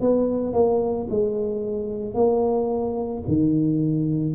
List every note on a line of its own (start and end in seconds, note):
0.00 0.53 B3
0.53 1.08 A#3
1.10 2.14 G#3
2.14 3.23 A#3
3.27 4.35 D#3